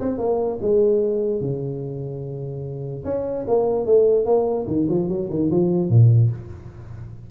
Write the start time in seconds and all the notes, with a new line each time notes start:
0.00 C4
0.18 A#3
0.61 G#3
1.41 C#3
3.04 C#4
3.47 A#3
3.86 A3
4.25 A#3
4.67 D#3
4.89 F3
5.09 F#3
5.30 D#3
5.50 F3
5.89 A#2